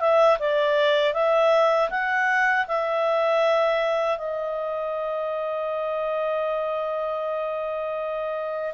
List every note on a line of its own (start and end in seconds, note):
0.00 0.38 E5
0.39 1.14 D5
1.14 1.90 E5
1.90 2.66 F#5
2.68 4.18 E5
4.18 8.73 D#5